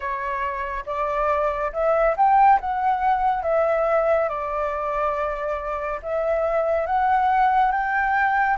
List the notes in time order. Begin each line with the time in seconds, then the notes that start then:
0.00 C#5
0.86 D5
1.72 E5
2.17 G5
2.60 F#5
3.42 E5
4.29 D5
6.02 E5
6.86 F#5
7.71 G5